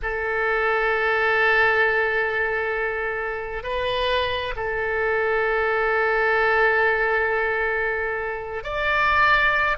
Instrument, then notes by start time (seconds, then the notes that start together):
oboe
0.02 A4
3.63 B4
4.56 A4
8.63 D5